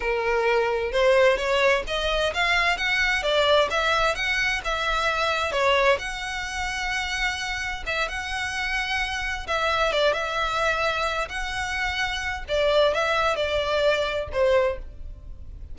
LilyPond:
\new Staff \with { instrumentName = "violin" } { \time 4/4 \tempo 4 = 130 ais'2 c''4 cis''4 | dis''4 f''4 fis''4 d''4 | e''4 fis''4 e''2 | cis''4 fis''2.~ |
fis''4 e''8 fis''2~ fis''8~ | fis''8 e''4 d''8 e''2~ | e''8 fis''2~ fis''8 d''4 | e''4 d''2 c''4 | }